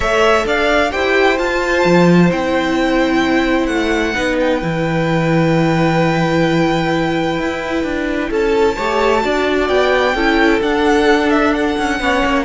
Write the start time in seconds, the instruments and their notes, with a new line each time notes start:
0.00 cello A3, viola A4, violin C#5 E5
0.45 cello D4, violin D5 F5
0.90 cello E4, viola G4, violin C5 G5
1.38 viola F4, cello F4, violin A5
1.84 cello F3
2.31 cello C4, viola E4, violin G5
3.66 cello A3, violin F#5
4.14 cello B3, viola D#4, violin B4
4.40 violin G5
4.61 cello E3, viola E4
7.38 cello E4
7.83 cello D4
8.30 cello C#4, violin A4 A5
8.76 cello A3, viola G4, violin C#5
9.20 cello D4, viola F#4, violin D5
9.67 cello B3, violin G5
10.14 cello C#4, viola E4, violin A4
10.61 cello D4, viola D4, violin F#5
11.30 violin E5
11.53 violin F#5
11.78 cello C#4
11.99 cello B3, viola C#4, violin C#5
12.24 cello A#3